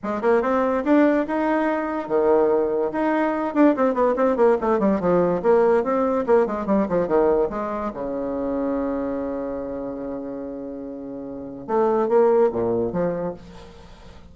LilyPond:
\new Staff \with { instrumentName = "bassoon" } { \time 4/4 \tempo 4 = 144 gis8 ais8 c'4 d'4 dis'4~ | dis'4 dis2 dis'4~ | dis'8 d'8 c'8 b8 c'8 ais8 a8 g8 | f4 ais4 c'4 ais8 gis8 |
g8 f8 dis4 gis4 cis4~ | cis1~ | cis1 | a4 ais4 ais,4 f4 | }